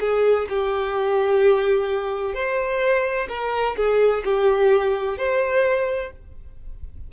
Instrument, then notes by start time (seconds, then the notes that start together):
violin
0.00 G#4
0.49 G4
2.34 C5
3.29 A#4
3.77 G#4
4.24 G4
5.18 C5